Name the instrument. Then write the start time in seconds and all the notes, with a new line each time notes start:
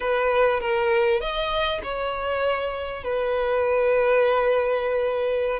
violin
0.00 B4
0.60 A#4
1.20 D#5
1.83 C#5
3.03 B4